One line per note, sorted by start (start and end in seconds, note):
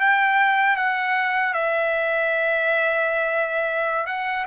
0.00 0.77 G5
0.77 1.54 F#5
1.54 4.07 E5
4.07 4.46 F#5